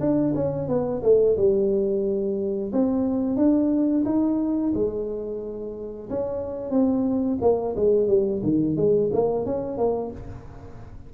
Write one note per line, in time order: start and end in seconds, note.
0.00 0.34 D4
0.35 0.68 C#4
0.68 1.02 B3
1.03 1.36 A3
1.37 2.72 G3
2.72 3.37 C4
3.37 4.04 D4
4.05 4.73 D#4
4.74 6.09 G#3
6.09 6.70 C#4
6.70 7.38 C4
7.42 7.75 A#3
7.76 8.08 G#3
8.08 8.41 G3
8.43 8.77 D#3
8.77 9.10 G#3
9.13 9.46 A#3
9.46 9.78 C#4
9.78 10.11 A#3